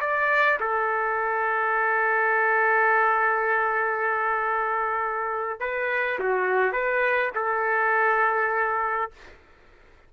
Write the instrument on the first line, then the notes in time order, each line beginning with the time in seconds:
trumpet
0.00 D5
0.60 A4
5.60 B4
6.19 F#4
6.72 B4
7.34 A4